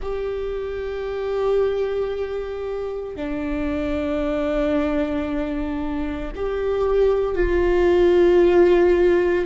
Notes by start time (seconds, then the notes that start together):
0.01 G4
3.16 D4
6.35 G4
7.34 F4